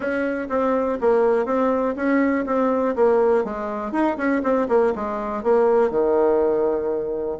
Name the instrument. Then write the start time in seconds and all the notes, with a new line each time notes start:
bassoon
0.00 C#4
0.49 C4
1.00 A#3
1.45 C4
1.95 C#4
2.46 C4
2.95 A#3
3.44 G#3
3.92 D#4
4.17 C#4
4.43 C4
4.68 A#3
4.95 G#3
5.43 A#3
5.90 D#3